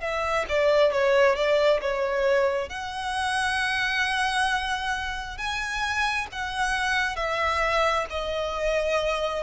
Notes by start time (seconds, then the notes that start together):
0.00 E5
0.48 D5
0.92 C#5
1.36 D5
1.81 C#5
2.69 F#5
5.37 G#5
6.32 F#5
7.16 E5
8.10 D#5